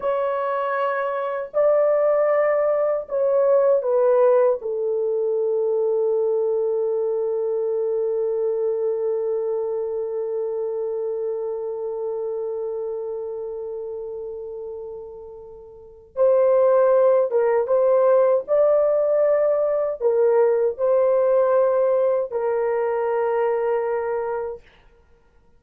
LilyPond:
\new Staff \with { instrumentName = "horn" } { \time 4/4 \tempo 4 = 78 cis''2 d''2 | cis''4 b'4 a'2~ | a'1~ | a'1~ |
a'1~ | a'4 c''4. ais'8 c''4 | d''2 ais'4 c''4~ | c''4 ais'2. | }